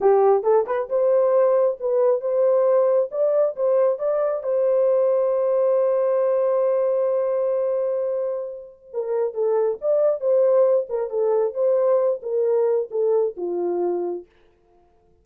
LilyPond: \new Staff \with { instrumentName = "horn" } { \time 4/4 \tempo 4 = 135 g'4 a'8 b'8 c''2 | b'4 c''2 d''4 | c''4 d''4 c''2~ | c''1~ |
c''1 | ais'4 a'4 d''4 c''4~ | c''8 ais'8 a'4 c''4. ais'8~ | ais'4 a'4 f'2 | }